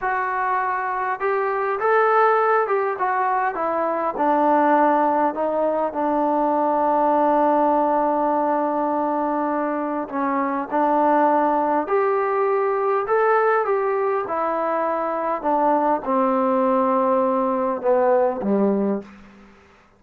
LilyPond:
\new Staff \with { instrumentName = "trombone" } { \time 4/4 \tempo 4 = 101 fis'2 g'4 a'4~ | a'8 g'8 fis'4 e'4 d'4~ | d'4 dis'4 d'2~ | d'1~ |
d'4 cis'4 d'2 | g'2 a'4 g'4 | e'2 d'4 c'4~ | c'2 b4 g4 | }